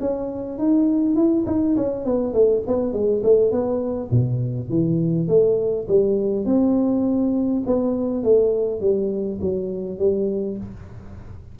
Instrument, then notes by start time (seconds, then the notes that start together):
tuba
0.00 C#4
0.58 D#4
1.15 E4
1.46 D#4
1.76 C#4
2.05 B3
2.33 A3
2.67 B3
2.93 G#3
3.23 A3
3.51 B3
4.11 B2
4.69 E3
5.28 A3
5.87 G3
6.45 C4
7.66 B3
8.23 A3
8.80 G3
9.41 F#3
9.98 G3